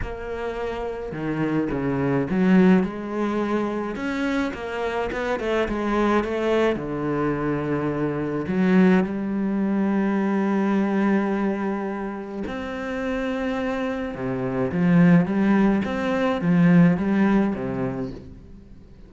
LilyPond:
\new Staff \with { instrumentName = "cello" } { \time 4/4 \tempo 4 = 106 ais2 dis4 cis4 | fis4 gis2 cis'4 | ais4 b8 a8 gis4 a4 | d2. fis4 |
g1~ | g2 c'2~ | c'4 c4 f4 g4 | c'4 f4 g4 c4 | }